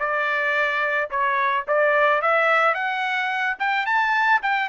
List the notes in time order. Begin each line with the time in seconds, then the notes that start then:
0.00 D5
1.11 C#5
1.68 D5
2.22 E5
2.75 F#5
3.60 G5
3.86 A5
4.43 G5